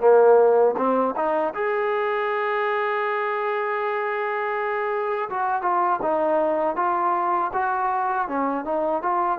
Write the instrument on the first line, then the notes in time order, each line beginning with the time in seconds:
trombone
0.00 A#3
0.77 C4
1.16 D#4
1.54 G#4
5.29 F#4
5.62 F4
6.02 D#4
6.76 F4
7.53 F#4
8.28 C#4
8.65 D#4
9.02 F4